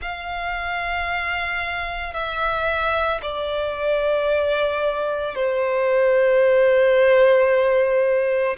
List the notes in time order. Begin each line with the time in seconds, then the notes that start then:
0.01 F5
2.13 E5
3.21 D5
5.35 C5